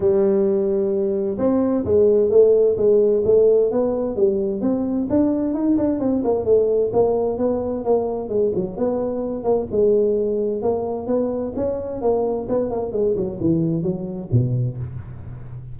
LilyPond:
\new Staff \with { instrumentName = "tuba" } { \time 4/4 \tempo 4 = 130 g2. c'4 | gis4 a4 gis4 a4 | b4 g4 c'4 d'4 | dis'8 d'8 c'8 ais8 a4 ais4 |
b4 ais4 gis8 fis8 b4~ | b8 ais8 gis2 ais4 | b4 cis'4 ais4 b8 ais8 | gis8 fis8 e4 fis4 b,4 | }